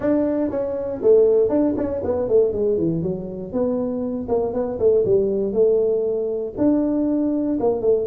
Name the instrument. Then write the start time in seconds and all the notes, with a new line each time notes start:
tuba
0.00 D4
0.50 C#4
1.02 A3
1.49 D4
1.77 C#4
2.04 B3
2.28 A3
2.52 G#3
2.77 E3
3.02 F#3
3.52 B3
4.28 A#3
4.53 B3
4.79 A3
5.05 G3
5.52 A3
6.57 D4
7.60 A#3
7.81 A3